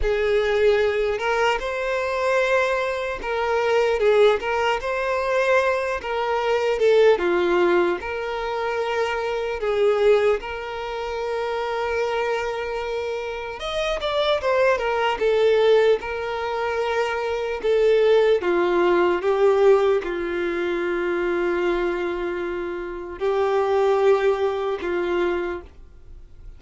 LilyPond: \new Staff \with { instrumentName = "violin" } { \time 4/4 \tempo 4 = 75 gis'4. ais'8 c''2 | ais'4 gis'8 ais'8 c''4. ais'8~ | ais'8 a'8 f'4 ais'2 | gis'4 ais'2.~ |
ais'4 dis''8 d''8 c''8 ais'8 a'4 | ais'2 a'4 f'4 | g'4 f'2.~ | f'4 g'2 f'4 | }